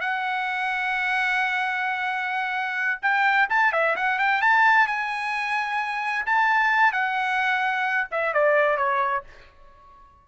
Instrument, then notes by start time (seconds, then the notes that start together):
trumpet
0.00 F#5
3.02 G5
3.49 A5
3.72 E5
3.96 F#5
4.19 G5
4.41 A5
4.87 G#5
6.26 A5
6.92 F#5
8.11 E5
8.33 D5
8.77 C#5